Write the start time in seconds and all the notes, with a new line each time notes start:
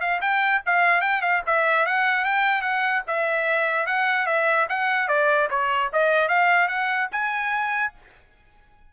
0.00 F5
0.21 G5
0.66 F5
1.01 G5
1.21 F5
1.46 E5
1.86 F#5
2.25 G5
2.61 F#5
3.07 E5
3.86 F#5
4.26 E5
4.69 F#5
5.08 D5
5.50 C#5
5.93 D#5
6.28 F5
6.68 F#5
7.11 G#5